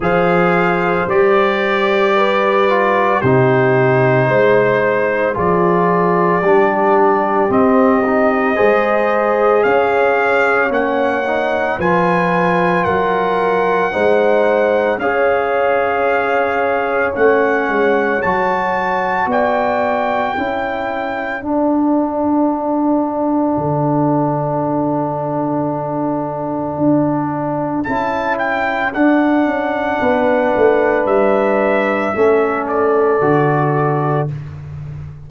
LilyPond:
<<
  \new Staff \with { instrumentName = "trumpet" } { \time 4/4 \tempo 4 = 56 f''4 d''2 c''4~ | c''4 d''2 dis''4~ | dis''4 f''4 fis''4 gis''4 | fis''2 f''2 |
fis''4 a''4 g''2 | fis''1~ | fis''2 a''8 g''8 fis''4~ | fis''4 e''4. d''4. | }
  \new Staff \with { instrumentName = "horn" } { \time 4/4 c''2 b'4 g'4 | c''4 gis'4 g'2 | c''4 cis''2 b'4 | ais'4 c''4 cis''2~ |
cis''2 d''4 a'4~ | a'1~ | a'1 | b'2 a'2 | }
  \new Staff \with { instrumentName = "trombone" } { \time 4/4 gis'4 g'4. f'8 dis'4~ | dis'4 f'4 d'4 c'8 dis'8 | gis'2 cis'8 dis'8 f'4~ | f'4 dis'4 gis'2 |
cis'4 fis'2 e'4 | d'1~ | d'2 e'4 d'4~ | d'2 cis'4 fis'4 | }
  \new Staff \with { instrumentName = "tuba" } { \time 4/4 f4 g2 c4 | gis4 f4 g4 c'4 | gis4 cis'4 ais4 f4 | fis4 gis4 cis'2 |
a8 gis8 fis4 b4 cis'4 | d'2 d2~ | d4 d'4 cis'4 d'8 cis'8 | b8 a8 g4 a4 d4 | }
>>